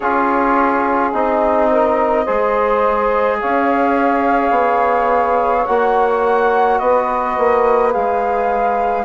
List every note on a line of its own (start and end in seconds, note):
0.00 1.13 C#4
0.00 1.13 F4
0.00 1.69 G#4
0.00 1.11 C#5
1.13 2.26 C4
1.13 2.26 D#4
1.13 3.40 D#5
1.71 2.24 A#4
2.24 3.42 G#3
2.24 5.66 G#4
2.24 3.37 C5
3.40 4.50 C#4
3.40 6.79 C#5
3.40 5.66 F5
4.50 5.63 B3
5.66 6.80 A#3
5.66 7.92 F#4
5.66 6.79 F#5
6.79 7.36 B3
6.79 9.04 B4
6.79 7.92 D#5
7.38 7.94 A#3
7.92 9.04 G#3
7.92 9.04 G#4
7.92 9.04 F5